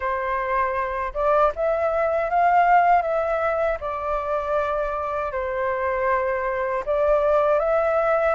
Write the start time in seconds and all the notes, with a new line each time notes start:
0.00 C5
1.14 D5
1.55 E5
2.30 F5
3.02 E5
3.80 D5
5.32 C5
6.85 D5
7.59 E5